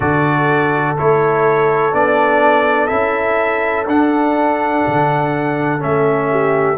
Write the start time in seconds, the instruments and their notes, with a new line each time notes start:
0.00 tuba D3, trombone F#4, horn A4, trumpet D5
0.97 tuba A3, trombone E4, trumpet C#5
1.92 tuba B3, trombone D4, trumpet D5
2.87 tuba C#4, trombone E4, trumpet E5
3.86 tuba D4, trombone D4, trumpet F#5
4.87 tuba D3
5.78 tuba A3, trombone C#4, trumpet E5
6.30 horn G4